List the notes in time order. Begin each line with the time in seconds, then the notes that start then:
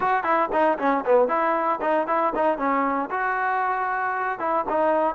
0.00 F#4
0.23 E4
0.52 D#4
0.78 C#4
1.05 B3
1.27 E4
1.81 D#4
2.07 E4
2.35 D#4
2.57 C#4
3.10 F#4
4.39 E4
4.69 D#4